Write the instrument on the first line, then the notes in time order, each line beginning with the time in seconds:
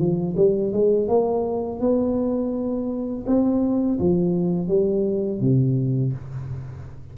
tuba
0.00 F3
0.37 G3
0.73 G#3
1.09 A#3
1.81 B3
3.27 C4
4.00 F3
4.69 G3
5.41 C3